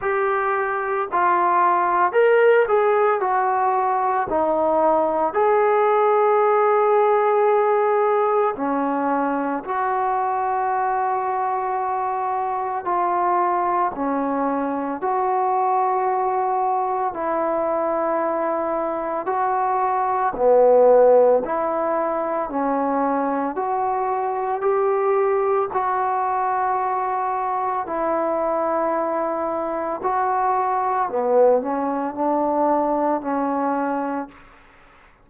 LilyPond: \new Staff \with { instrumentName = "trombone" } { \time 4/4 \tempo 4 = 56 g'4 f'4 ais'8 gis'8 fis'4 | dis'4 gis'2. | cis'4 fis'2. | f'4 cis'4 fis'2 |
e'2 fis'4 b4 | e'4 cis'4 fis'4 g'4 | fis'2 e'2 | fis'4 b8 cis'8 d'4 cis'4 | }